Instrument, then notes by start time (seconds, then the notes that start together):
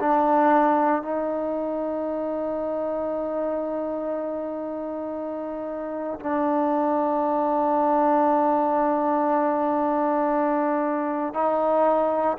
trombone
0.00 D4
1.03 D#4
6.20 D4
11.34 D#4